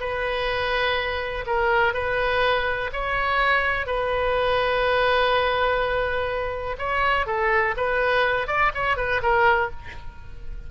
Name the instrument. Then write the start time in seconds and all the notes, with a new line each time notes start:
oboe
0.00 B4
1.46 A#4
1.94 B4
2.93 C#5
3.86 B4
6.79 C#5
7.27 A4
7.77 B4
8.47 D5
8.74 C#5
8.97 B4
9.22 A#4